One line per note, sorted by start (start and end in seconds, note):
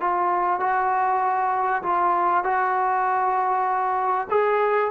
0.00 0.60 F4
0.60 1.82 F#4
1.83 2.44 F4
2.44 4.27 F#4
4.30 4.91 G#4